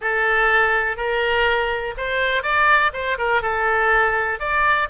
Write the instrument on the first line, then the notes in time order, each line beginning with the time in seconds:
oboe
0.01 A4
0.96 A#4
1.97 C5
2.42 D5
2.93 C5
3.18 A#4
3.42 A4
4.39 D5